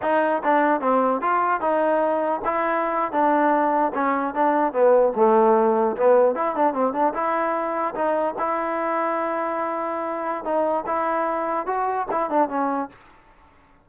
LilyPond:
\new Staff \with { instrumentName = "trombone" } { \time 4/4 \tempo 4 = 149 dis'4 d'4 c'4 f'4 | dis'2 e'4.~ e'16 d'16~ | d'4.~ d'16 cis'4 d'4 b16~ | b8. a2 b4 e'16~ |
e'16 d'8 c'8 d'8 e'2 dis'16~ | dis'8. e'2.~ e'16~ | e'2 dis'4 e'4~ | e'4 fis'4 e'8 d'8 cis'4 | }